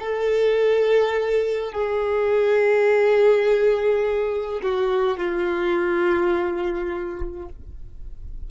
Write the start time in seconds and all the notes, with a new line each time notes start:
0.00 A4
1.73 G#4
4.63 F#4
5.18 F4